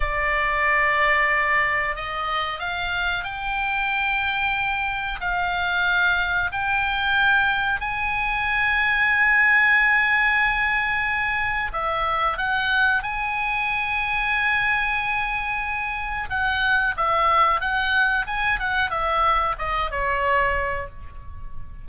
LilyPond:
\new Staff \with { instrumentName = "oboe" } { \time 4/4 \tempo 4 = 92 d''2. dis''4 | f''4 g''2. | f''2 g''2 | gis''1~ |
gis''2 e''4 fis''4 | gis''1~ | gis''4 fis''4 e''4 fis''4 | gis''8 fis''8 e''4 dis''8 cis''4. | }